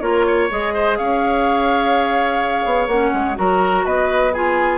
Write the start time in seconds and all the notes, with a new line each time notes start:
0.00 A#3 F4 A#4 C#5
0.27 C#5
0.50 G#3 G#4 D#5
0.74 C5
0.97 C#4 C#5 F5
2.65 B3
2.87 A#3 C#4 F#5
3.13 G#3
3.35 F#3 F#4 A#4 A#5
3.85 B3 B4 D#5
4.33 F4 G#4 G#5